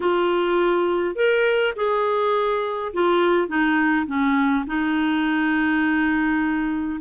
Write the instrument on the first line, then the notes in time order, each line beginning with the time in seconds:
clarinet
0.00 F4
1.15 A#4
1.76 G#4
2.93 F4
3.47 D#4
4.06 C#4
4.67 D#4